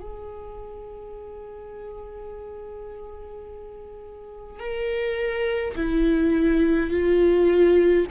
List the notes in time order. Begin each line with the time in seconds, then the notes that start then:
0.00 G#4
4.59 A#4
5.75 E4
6.90 F4